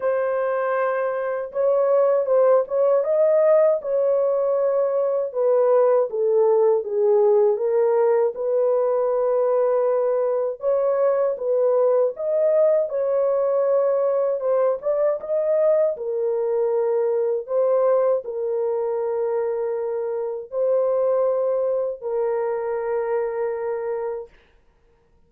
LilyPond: \new Staff \with { instrumentName = "horn" } { \time 4/4 \tempo 4 = 79 c''2 cis''4 c''8 cis''8 | dis''4 cis''2 b'4 | a'4 gis'4 ais'4 b'4~ | b'2 cis''4 b'4 |
dis''4 cis''2 c''8 d''8 | dis''4 ais'2 c''4 | ais'2. c''4~ | c''4 ais'2. | }